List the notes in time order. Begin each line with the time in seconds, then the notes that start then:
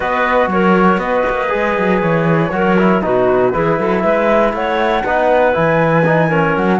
0.00 B3 F#4 B4 D#5
0.47 F#3 A#4 C#5
0.97 B3 B4 D#5
1.29 A#3
1.48 G#3 G#4
1.77 F#3
2.00 E3 C#5
2.51 F#3 F#4 A#4
2.77 E4
3.01 B2 D#4 F#4 B4
3.53 E3 E4 G#4
3.78 F#3 A4
4.00 G#3 B4 E5
4.53 A3 C#5 F#5
5.04 B3 D#4 B4
5.53 E3 E4 G#5
6.05 D#4
6.27 C#4 A#4
6.56 F#3 F#5